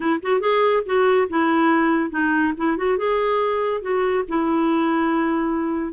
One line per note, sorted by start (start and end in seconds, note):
0.00 0.20 E4
0.22 0.40 F#4
0.40 0.83 G#4
0.85 1.28 F#4
1.29 2.10 E4
2.10 2.53 D#4
2.57 2.77 E4
2.77 2.97 F#4
2.97 3.81 G#4
3.81 4.24 F#4
4.28 5.93 E4